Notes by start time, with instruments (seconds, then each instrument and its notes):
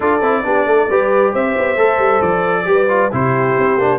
0.00 tuba D4, trombone F4, horn A4, trumpet D5
0.21 tuba C4, trombone E4
0.44 tuba B3, trombone D4, horn G4
0.66 tuba A3, horn A4
0.89 tuba G3, trombone G4, horn B4
1.32 tuba C4, horn C5, trumpet E5
1.58 tuba B3
1.76 tuba A3, trombone A4
1.98 tuba G3
2.21 tuba F3, trumpet D5
2.65 tuba G3, trombone G4, horn B4
2.88 trombone F4
3.12 tuba C3, trombone E4, horn G4, trumpet C5
3.57 tuba C4
3.77 tuba A#3, trombone D4